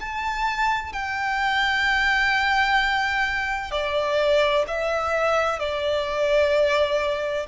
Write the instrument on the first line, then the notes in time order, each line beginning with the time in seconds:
violin
0.00 A5
0.93 G5
3.71 D5
4.67 E5
5.59 D5